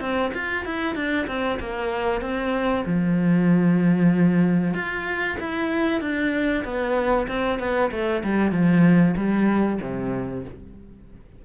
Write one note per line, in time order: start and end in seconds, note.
0.00 0.32 C4
0.33 0.65 F4
0.65 0.95 E4
0.95 1.27 D4
1.27 1.58 C4
1.60 2.21 A#3
2.21 2.84 C4
2.85 4.74 F3
4.74 5.37 F4
5.40 6.01 E4
6.01 6.64 D4
6.64 7.27 B3
7.27 7.59 C4
7.59 7.91 B3
7.91 8.22 A3
8.23 8.51 G3
8.51 9.15 F3
9.17 9.80 G3
9.81 10.44 C3